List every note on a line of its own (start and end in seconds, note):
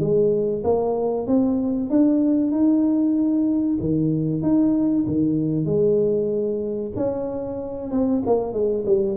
0.00 0.63 G#3
0.64 1.27 A#3
1.27 1.90 C4
1.90 2.51 D4
2.51 3.78 D#4
3.80 4.42 D#3
4.42 5.06 D#4
5.07 5.66 D#3
5.66 6.92 G#3
6.96 7.91 C#4
7.91 8.22 C4
8.27 8.53 A#3
8.53 8.84 G#3
8.86 9.18 G3